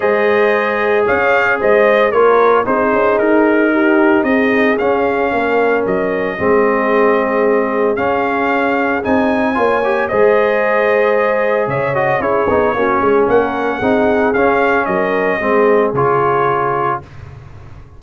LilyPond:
<<
  \new Staff \with { instrumentName = "trumpet" } { \time 4/4 \tempo 4 = 113 dis''2 f''4 dis''4 | cis''4 c''4 ais'2 | dis''4 f''2 dis''4~ | dis''2. f''4~ |
f''4 gis''2 dis''4~ | dis''2 e''8 dis''8 cis''4~ | cis''4 fis''2 f''4 | dis''2 cis''2 | }
  \new Staff \with { instrumentName = "horn" } { \time 4/4 c''2 cis''4 c''4 | ais'4 gis'2 g'4 | gis'2 ais'2 | gis'1~ |
gis'2 cis''4 c''4~ | c''2 cis''4 gis'4 | fis'8 gis'8 ais'4 gis'2 | ais'4 gis'2. | }
  \new Staff \with { instrumentName = "trombone" } { \time 4/4 gis'1 | f'4 dis'2.~ | dis'4 cis'2. | c'2. cis'4~ |
cis'4 dis'4 f'8 g'8 gis'4~ | gis'2~ gis'8 fis'8 e'8 dis'8 | cis'2 dis'4 cis'4~ | cis'4 c'4 f'2 | }
  \new Staff \with { instrumentName = "tuba" } { \time 4/4 gis2 cis'4 gis4 | ais4 c'8 cis'8 dis'2 | c'4 cis'4 ais4 fis4 | gis2. cis'4~ |
cis'4 c'4 ais4 gis4~ | gis2 cis4 cis'8 b8 | ais8 gis8 ais4 c'4 cis'4 | fis4 gis4 cis2 | }
>>